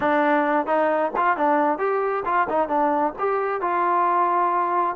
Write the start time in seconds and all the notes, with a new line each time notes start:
0.00 D4
0.66 D#4
1.16 F4
1.37 D4
1.78 G4
2.25 F4
2.49 D#4
2.68 D4
3.18 G4
3.61 F4